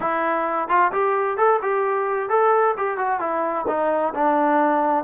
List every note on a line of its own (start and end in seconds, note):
0.00 0.68 E4
0.68 0.91 F4
0.91 1.37 G4
1.37 1.60 A4
1.62 2.29 G4
2.29 2.75 A4
2.77 2.97 G4
2.97 3.20 F#4
3.20 3.65 E4
3.67 4.13 D#4
4.14 5.04 D4